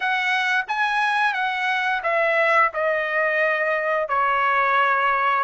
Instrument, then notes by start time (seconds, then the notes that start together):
trumpet
0.00 F#5
0.68 G#5
1.33 F#5
2.03 E5
2.73 D#5
4.08 C#5